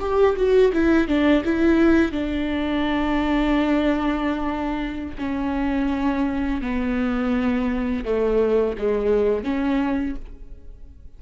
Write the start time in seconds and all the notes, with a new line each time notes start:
0.00 G4
0.36 F#4
0.73 E4
1.08 D4
1.44 E4
2.12 D4
5.19 C#4
6.61 B3
8.05 A3
8.78 G#3
9.44 C#4